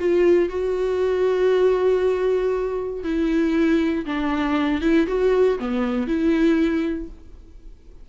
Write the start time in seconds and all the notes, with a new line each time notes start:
0.00 F4
0.50 F#4
3.04 E4
4.06 D4
4.82 E4
5.08 F#4
5.59 B3
6.08 E4